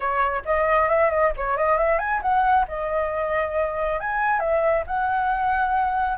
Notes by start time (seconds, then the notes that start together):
0.00 C#5
0.45 D#5
0.88 E5
1.10 D#5
1.36 C#5
1.57 D#5
1.77 E5
1.99 G#5
2.22 F#5
2.68 D#5
3.99 G#5
4.39 E5
4.86 F#5